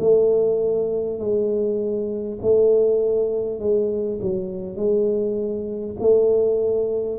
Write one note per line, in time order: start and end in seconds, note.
0.00 1.19 A3
1.19 2.39 G#3
2.42 3.59 A3
3.59 4.19 G#3
4.22 4.76 F#3
4.76 5.96 G#3
6.00 7.19 A3